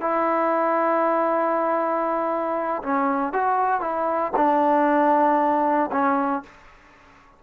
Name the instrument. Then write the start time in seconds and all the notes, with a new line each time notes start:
trombone
0.00 E4
2.83 C#4
3.32 F#4
3.80 E4
4.36 D4
5.91 C#4